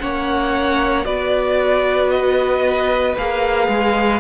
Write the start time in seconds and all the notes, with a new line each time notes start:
0.00 A#3 C#4 C#5 F#5
1.05 B3 F#4 B4 D5
2.10 D#5
3.18 A#3 G#4 F5
3.68 G#3